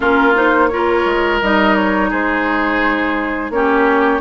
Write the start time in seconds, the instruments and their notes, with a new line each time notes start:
0.00 bassoon A#3, clarinet C#4, oboe F4, flute A#4
0.34 clarinet D#4, flute C5
0.67 clarinet F4, oboe A#4, flute C#5
1.05 bassoon G#3
1.41 bassoon G3, clarinet D#4, flute D#5
1.75 flute C#5
2.09 bassoon G#3, oboe G#4, flute C5
3.50 bassoon A#3, clarinet C#4, oboe G4, flute C#5